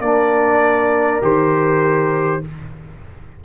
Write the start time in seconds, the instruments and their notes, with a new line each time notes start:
0.00 tuba A#3, trombone D4, horn A#4, trumpet D5
1.22 tuba D#3, trombone G4, trumpet C5